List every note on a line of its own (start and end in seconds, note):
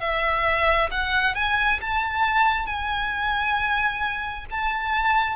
0.00 0.90 E5
0.91 1.35 F#5
1.35 1.80 G#5
1.81 2.66 A5
2.66 4.45 G#5
4.51 5.36 A5